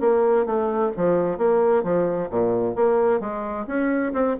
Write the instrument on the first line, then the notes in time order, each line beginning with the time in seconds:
bassoon
0.00 A#3
0.45 A3
0.96 F3
1.37 A#3
1.83 F3
2.30 A#2
2.75 A#3
3.20 G#3
3.67 C#4
4.13 C4